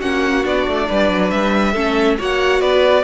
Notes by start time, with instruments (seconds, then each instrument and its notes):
0.00 cello A#3, viola C#4, violin F#4 F#5
0.43 cello B3, viola D4, violin D5
0.68 cello A3
0.89 cello G3, violin B4
1.11 cello F#3
1.31 cello G3, violin E5
1.73 cello A3, viola C#4, violin A4
2.19 cello A#3, viola F#4, violin C#5 F#5
2.61 cello B3, violin B4 D5